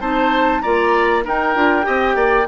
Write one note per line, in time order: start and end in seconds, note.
0.00 0.62 C4
0.00 0.62 D#4
0.00 0.62 C5
0.00 0.61 A5
0.61 1.27 A#3
0.61 1.23 F4
0.61 1.24 D5
0.61 1.23 A#5
1.23 1.54 D#4
1.23 1.55 D#4
1.23 1.86 A#4
1.23 2.48 G5
1.55 1.86 D4
1.55 1.83 F4
1.83 2.15 C4
1.83 2.44 G4
1.83 2.16 D#5
2.15 2.46 A#3
2.15 2.47 D5